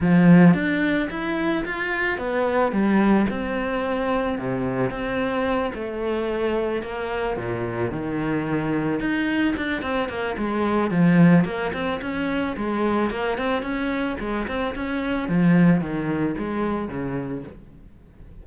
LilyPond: \new Staff \with { instrumentName = "cello" } { \time 4/4 \tempo 4 = 110 f4 d'4 e'4 f'4 | b4 g4 c'2 | c4 c'4. a4.~ | a8 ais4 ais,4 dis4.~ |
dis8 dis'4 d'8 c'8 ais8 gis4 | f4 ais8 c'8 cis'4 gis4 | ais8 c'8 cis'4 gis8 c'8 cis'4 | f4 dis4 gis4 cis4 | }